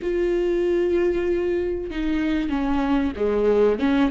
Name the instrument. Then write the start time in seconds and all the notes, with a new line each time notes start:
viola
0.02 F4
1.90 D#4
2.49 C#4
3.16 G#3
3.79 C#4